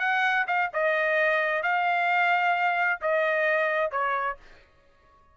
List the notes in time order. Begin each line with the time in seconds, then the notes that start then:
0.00 F#5
0.47 F5
0.73 D#5
1.63 F5
3.02 D#5
3.91 C#5